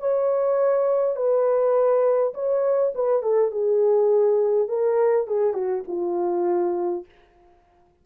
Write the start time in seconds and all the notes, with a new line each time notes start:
0.00 C#5
1.16 B4
2.34 C#5
2.95 B4
3.23 A4
3.52 G#4
4.69 A#4
5.27 G#4
5.54 F#4
5.88 F4